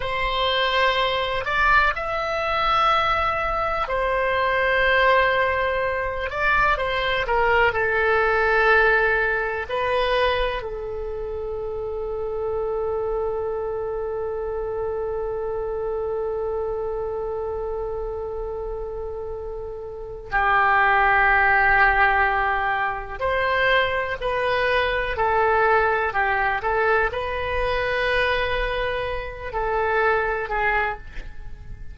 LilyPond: \new Staff \with { instrumentName = "oboe" } { \time 4/4 \tempo 4 = 62 c''4. d''8 e''2 | c''2~ c''8 d''8 c''8 ais'8 | a'2 b'4 a'4~ | a'1~ |
a'1~ | a'4 g'2. | c''4 b'4 a'4 g'8 a'8 | b'2~ b'8 a'4 gis'8 | }